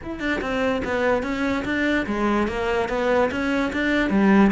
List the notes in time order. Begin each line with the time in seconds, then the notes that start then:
0.03 E4
0.19 D4
0.41 C4
0.84 B3
1.22 C#4
1.64 D4
2.06 G#3
2.47 A#3
2.88 B3
3.31 C#4
3.72 D4
4.10 G3